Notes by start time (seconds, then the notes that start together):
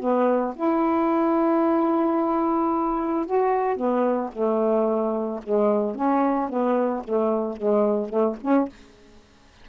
0.00 B3
0.56 E4
3.26 F#4
3.77 B3
4.33 A3
5.43 G#3
5.96 C#4
6.49 B3
7.04 A3
7.57 G#3
8.09 A3
8.42 C#4